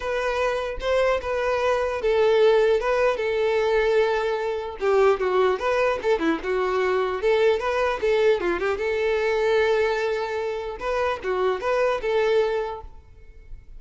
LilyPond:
\new Staff \with { instrumentName = "violin" } { \time 4/4 \tempo 4 = 150 b'2 c''4 b'4~ | b'4 a'2 b'4 | a'1 | g'4 fis'4 b'4 a'8 e'8 |
fis'2 a'4 b'4 | a'4 f'8 g'8 a'2~ | a'2. b'4 | fis'4 b'4 a'2 | }